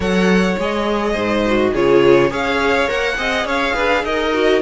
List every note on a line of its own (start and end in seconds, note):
0.00 0.56 F#3
0.00 0.57 A4
0.00 1.12 C#5
0.00 0.58 F#5
0.58 1.14 G#3
0.58 1.46 G#4
0.58 1.74 D#5
1.12 1.72 G#2
1.12 1.70 C5
1.46 1.75 F#4
1.73 2.31 C#3
1.73 2.30 F4
1.73 2.30 G#4
1.73 2.32 C#5
2.30 2.88 C#4
2.30 2.87 G#4
2.30 3.16 C#5
2.30 2.89 F5
2.87 3.18 A#3
2.87 3.16 A#4
2.87 3.47 F#5
3.17 3.44 C4
3.17 4.32 G#4
3.17 3.45 D#5
3.44 3.73 C#4
3.44 3.74 C#5
3.44 4.05 F5
3.74 4.03 D4
3.74 4.03 B4
4.03 4.61 D#4
4.03 4.62 A#4
4.03 4.62 D#5
4.33 4.62 F#4